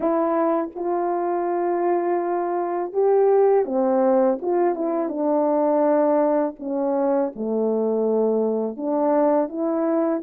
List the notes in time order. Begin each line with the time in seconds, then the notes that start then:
0.00 E4
0.75 F4
2.93 G4
3.65 C4
4.41 F4
4.75 E4
5.09 D4
6.59 C#4
7.35 A3
8.76 D4
9.48 E4